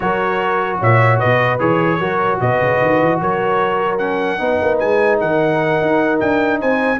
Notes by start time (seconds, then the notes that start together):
0.00 F#3 F#4 A#4 C#5
0.78 A#2 C#5 E5
1.19 B2 B4 D#5
1.59 E3 G#4 C#5
1.99 F#3 F#4 A#4
2.40 B2 B4 D#5
2.60 C#3
2.81 D#3
3.00 E3
3.20 F#3 A#4 C#5
3.98 C#4 F#5
4.38 B3 D#4 B4
4.61 A#3
4.79 G#3 G#5
5.20 D#3 A#4 F#5
5.81 D#4
6.19 D4 G5
6.60 C4 C5 G#5